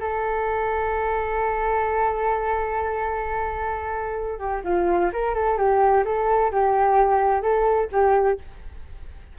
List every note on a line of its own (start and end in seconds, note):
0.00 4.39 A4
4.39 4.62 G4
4.64 5.11 F4
5.13 5.35 A#4
5.35 5.58 A4
5.58 6.04 G4
6.05 6.52 A4
6.52 7.42 G4
7.42 7.89 A4
7.92 8.39 G4